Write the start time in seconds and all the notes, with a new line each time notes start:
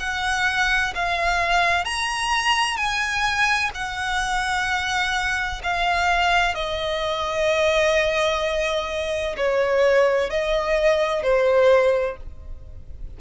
0.00 F#5
0.95 F5
1.85 A#5
2.77 G#5
3.75 F#5
5.63 F5
6.55 D#5
9.37 C#5
10.30 D#5
11.23 C5